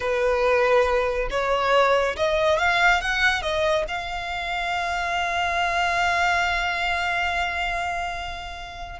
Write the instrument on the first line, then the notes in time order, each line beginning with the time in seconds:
violin
0.00 B4
1.30 C#5
2.16 D#5
2.58 F5
3.01 F#5
3.41 D#5
3.88 F5